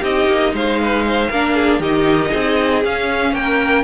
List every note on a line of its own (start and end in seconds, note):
0.00 0.26 C4
0.00 1.30 D#4
0.00 0.51 G4
0.00 0.54 D#5
0.26 0.52 A#3
0.52 1.29 G#3
0.52 0.79 C5
0.52 1.81 F5
0.79 1.05 B4
1.06 1.29 C5
1.29 1.79 A#3
1.29 1.81 D4
1.29 1.55 A#4
1.55 1.79 G#4
1.79 2.30 D#3
1.79 2.83 D#4
1.79 2.30 G4
1.79 2.83 D#5
2.30 2.84 C4
2.30 3.32 G#4
2.84 3.33 C#4
2.84 3.83 C#4
2.84 3.34 F5
3.33 3.83 A#3
3.33 3.83 A#4
3.33 3.83 G5